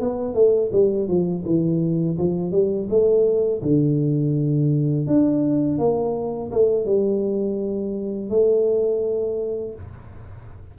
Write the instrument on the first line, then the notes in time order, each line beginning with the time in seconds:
tuba
0.00 B3
0.34 A3
0.72 G3
1.08 F3
1.46 E3
2.18 F3
2.52 G3
2.90 A3
3.62 D3
5.07 D4
5.79 A#3
6.52 A3
6.85 G3
8.30 A3